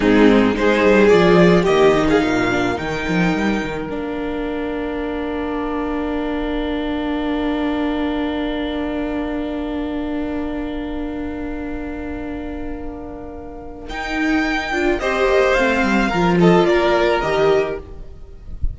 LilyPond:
<<
  \new Staff \with { instrumentName = "violin" } { \time 4/4 \tempo 4 = 108 gis'4 c''4 d''4 dis''8. f''16~ | f''4 g''2 f''4~ | f''1~ | f''1~ |
f''1~ | f''1~ | f''4 g''2 dis''4 | f''4. dis''8 d''4 dis''4 | }
  \new Staff \with { instrumentName = "violin" } { \time 4/4 dis'4 gis'2 g'8. gis'16 | ais'1~ | ais'1~ | ais'1~ |
ais'1~ | ais'1~ | ais'2. c''4~ | c''4 ais'8 a'8 ais'2 | }
  \new Staff \with { instrumentName = "viola" } { \time 4/4 c'4 dis'4 f'4 ais8 dis'8~ | dis'8 d'8 dis'2 d'4~ | d'1~ | d'1~ |
d'1~ | d'1~ | d'4 dis'4. f'8 g'4 | c'4 f'2 g'4 | }
  \new Staff \with { instrumentName = "cello" } { \time 4/4 gis,4 gis8 g8 f4 dis4 | ais,4 dis8 f8 g8 dis8 ais4~ | ais1~ | ais1~ |
ais1~ | ais1~ | ais4 dis'4. d'8 c'8 ais8 | a8 g8 f4 ais4 dis4 | }
>>